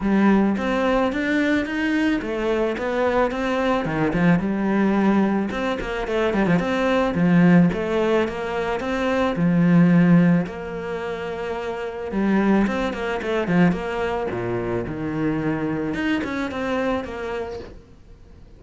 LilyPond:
\new Staff \with { instrumentName = "cello" } { \time 4/4 \tempo 4 = 109 g4 c'4 d'4 dis'4 | a4 b4 c'4 dis8 f8 | g2 c'8 ais8 a8 g16 f16 | c'4 f4 a4 ais4 |
c'4 f2 ais4~ | ais2 g4 c'8 ais8 | a8 f8 ais4 ais,4 dis4~ | dis4 dis'8 cis'8 c'4 ais4 | }